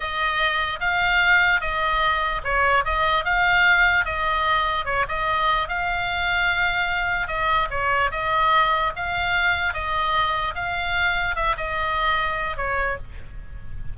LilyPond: \new Staff \with { instrumentName = "oboe" } { \time 4/4 \tempo 4 = 148 dis''2 f''2 | dis''2 cis''4 dis''4 | f''2 dis''2 | cis''8 dis''4. f''2~ |
f''2 dis''4 cis''4 | dis''2 f''2 | dis''2 f''2 | e''8 dis''2~ dis''8 cis''4 | }